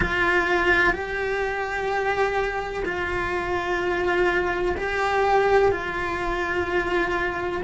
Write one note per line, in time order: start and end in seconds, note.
0.00 0.93 F4
0.93 2.83 G4
2.85 4.75 F4
4.76 5.71 G4
5.71 7.62 F4